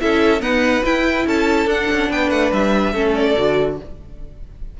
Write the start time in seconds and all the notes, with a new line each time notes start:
0.00 C#4 E4 A4 E5
0.40 B3 D#4 B4 F#5
0.84 E4 G5
1.26 C#4 A4 A5
1.65 D4 F#5
1.91 C#4
2.09 B3 B4 G5
2.30 A3 F#5
2.52 G3 E5
2.93 A3 C#4 A4
3.15 D5
3.37 D3 F#4